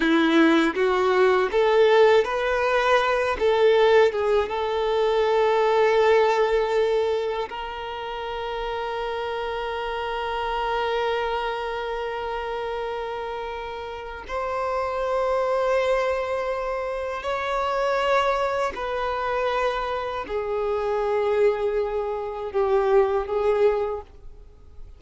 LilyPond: \new Staff \with { instrumentName = "violin" } { \time 4/4 \tempo 4 = 80 e'4 fis'4 a'4 b'4~ | b'8 a'4 gis'8 a'2~ | a'2 ais'2~ | ais'1~ |
ais'2. c''4~ | c''2. cis''4~ | cis''4 b'2 gis'4~ | gis'2 g'4 gis'4 | }